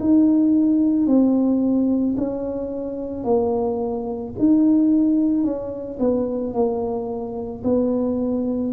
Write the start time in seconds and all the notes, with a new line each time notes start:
0.00 D#4
1.07 C4
2.18 C#4
3.24 A#3
4.39 D#4
5.44 C#4
6.00 B3
6.54 A#3
7.64 B3